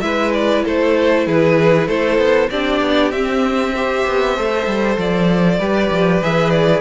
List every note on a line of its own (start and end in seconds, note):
0.00 0.63 G#3
0.00 2.49 E4
0.00 0.65 B4
0.00 0.31 E5
0.33 0.64 D5
0.65 1.27 A3
0.65 1.26 A4
0.65 1.27 C5
1.26 1.88 E3
1.26 1.87 G#4
1.26 1.87 B4
1.87 2.18 A3
1.87 2.49 A4
1.87 2.49 C5
2.18 2.49 B3
2.50 2.81 C4
2.50 3.12 D4
2.50 3.73 G4
2.50 3.11 D5
2.81 3.11 B3
3.11 4.04 C4
3.11 3.74 C4
3.11 4.97 E5
3.75 4.36 G4
3.75 5.59 C5
4.07 4.37 B3
4.36 4.66 A3
4.36 5.60 A4
4.66 4.97 G3
4.97 5.59 F3
4.97 6.23 D5
5.59 5.90 G3
5.59 6.22 G4
5.59 6.81 B4
5.91 6.22 F3
6.22 6.81 E3
6.22 6.81 G#4
6.22 6.50 E5
6.50 6.81 D5